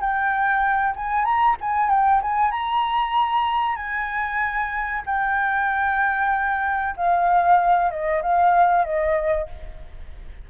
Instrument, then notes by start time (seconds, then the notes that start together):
flute
0.00 G5
0.96 G#5
1.25 A#5
1.60 G#5
1.89 G5
2.22 G#5
2.51 A#5
3.76 G#5
5.06 G5
6.96 F5
7.91 D#5
8.22 F5
8.84 D#5